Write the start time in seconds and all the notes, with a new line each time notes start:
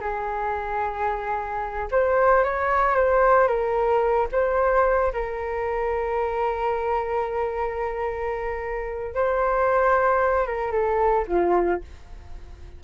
0.00 G#4
1.91 C5
2.44 C#5
2.95 C5
3.47 A#4
4.32 C5
5.13 A#4
9.14 C5
10.46 A#4
10.71 A4
11.27 F4